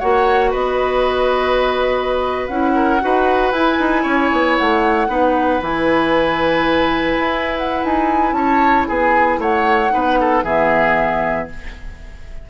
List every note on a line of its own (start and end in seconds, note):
0.00 0.55 A#3
0.00 2.50 F#4
0.00 0.51 C#5
0.00 0.52 F#5
0.51 2.49 B3
0.51 2.73 B4
0.51 2.48 D#5
2.48 3.01 C#4
2.48 3.01 E4
2.48 3.52 F#5
2.75 3.01 A#4
3.01 3.52 D#4
3.01 3.53 F#4
3.01 4.03 B4
3.52 3.78 E4
3.52 5.09 E4
3.52 4.57 G#5
3.80 4.05 D#4
4.03 4.31 C#4
4.03 5.07 C#5
4.33 4.59 B3
4.58 5.09 A3
4.58 5.63 F#5
5.09 5.61 B3
5.09 5.61 D#4
5.09 8.36 B4
5.62 7.18 E3
5.62 9.90 E4
5.62 7.58 G#5
7.19 7.84 E4
7.58 7.84 F#5
7.85 8.33 D#4
7.85 8.33 G#5
8.33 8.85 C#4
8.33 8.88 C#5
8.33 8.85 A5
8.88 9.39 B3
8.88 9.40 G#4
8.88 9.41 G#5
9.39 9.91 A3
9.39 9.93 C#5
9.39 10.44 F#5
9.90 10.44 B3
9.90 10.42 D#4
9.90 10.20 B4
10.21 10.44 A4
10.44 11.48 E3
10.44 11.50 B3
10.44 11.49 G#4
10.44 11.49 E5